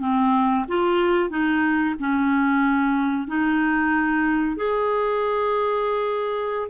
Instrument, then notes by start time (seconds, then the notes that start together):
clarinet
0.00 C4
0.68 F4
1.30 D#4
1.99 C#4
3.27 D#4
4.56 G#4